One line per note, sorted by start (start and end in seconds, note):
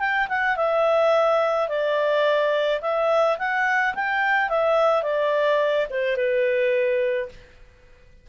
0.00 0.28 G5
0.29 0.57 F#5
0.57 1.68 E5
1.68 2.81 D5
2.82 3.38 E5
3.38 3.95 F#5
3.95 4.49 G5
4.49 5.03 E5
5.03 5.87 D5
5.90 6.17 C5
6.17 7.29 B4